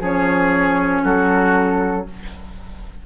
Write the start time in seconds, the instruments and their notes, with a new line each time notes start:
0.00 bassoon F3, clarinet C#4, oboe G#4, flute C#5
1.04 bassoon F#3, oboe F#4, flute A4